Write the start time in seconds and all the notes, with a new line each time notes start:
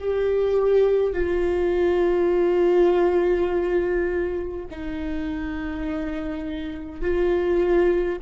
0.00 G4
1.13 F4
4.71 D#4
7.01 F4